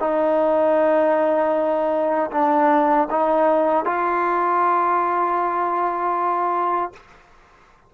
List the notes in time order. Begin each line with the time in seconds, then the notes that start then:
0.00 D#4
2.31 D4
3.11 D#4
3.86 F4